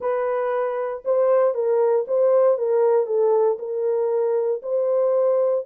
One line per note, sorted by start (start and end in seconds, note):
0.00 1.03 B4
1.04 1.54 C5
1.54 2.05 A#4
2.07 2.58 C5
2.58 3.06 A#4
3.06 3.58 A4
3.59 4.61 A#4
4.62 5.65 C5